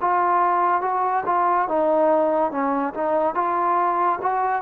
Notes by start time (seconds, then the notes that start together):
0.00 F4
0.81 F#4
1.26 F4
1.68 D#4
2.51 C#4
2.93 D#4
3.34 F4
4.21 F#4